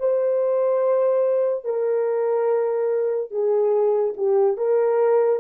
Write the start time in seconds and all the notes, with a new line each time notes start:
0.00 C5
1.65 A#4
3.31 G#4
4.17 G4
4.58 A#4